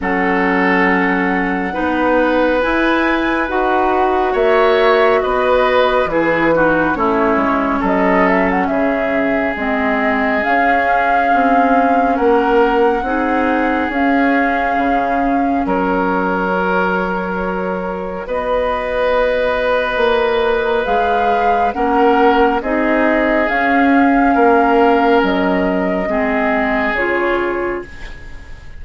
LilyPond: <<
  \new Staff \with { instrumentName = "flute" } { \time 4/4 \tempo 4 = 69 fis''2. gis''4 | fis''4 e''4 dis''4 b'4 | cis''4 dis''8 e''16 fis''16 e''4 dis''4 | f''2 fis''2 |
f''2 cis''2~ | cis''4 dis''2. | f''4 fis''4 dis''4 f''4~ | f''4 dis''2 cis''4 | }
  \new Staff \with { instrumentName = "oboe" } { \time 4/4 a'2 b'2~ | b'4 cis''4 b'4 gis'8 fis'8 | e'4 a'4 gis'2~ | gis'2 ais'4 gis'4~ |
gis'2 ais'2~ | ais'4 b'2.~ | b'4 ais'4 gis'2 | ais'2 gis'2 | }
  \new Staff \with { instrumentName = "clarinet" } { \time 4/4 cis'2 dis'4 e'4 | fis'2. e'8 dis'8 | cis'2. c'4 | cis'2. dis'4 |
cis'2. fis'4~ | fis'1 | gis'4 cis'4 dis'4 cis'4~ | cis'2 c'4 f'4 | }
  \new Staff \with { instrumentName = "bassoon" } { \time 4/4 fis2 b4 e'4 | dis'4 ais4 b4 e4 | a8 gis8 fis4 cis4 gis4 | cis'4 c'4 ais4 c'4 |
cis'4 cis4 fis2~ | fis4 b2 ais4 | gis4 ais4 c'4 cis'4 | ais4 fis4 gis4 cis4 | }
>>